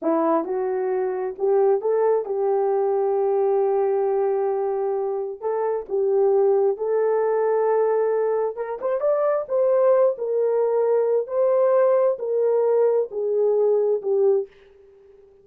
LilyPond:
\new Staff \with { instrumentName = "horn" } { \time 4/4 \tempo 4 = 133 e'4 fis'2 g'4 | a'4 g'2.~ | g'1 | a'4 g'2 a'4~ |
a'2. ais'8 c''8 | d''4 c''4. ais'4.~ | ais'4 c''2 ais'4~ | ais'4 gis'2 g'4 | }